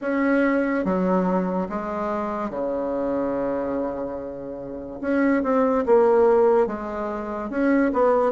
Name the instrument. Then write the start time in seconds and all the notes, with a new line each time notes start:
bassoon
0.01 C#4
0.84 F#3
1.69 G#3
2.50 C#3
5.01 C#4
5.43 C4
5.85 A#3
6.66 G#3
7.50 C#4
7.93 B3